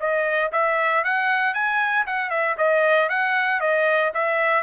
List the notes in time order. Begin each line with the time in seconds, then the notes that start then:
0.00 D#5
0.52 E5
1.04 F#5
1.54 G#5
2.07 F#5
2.30 E5
2.58 D#5
3.09 F#5
3.60 D#5
4.14 E5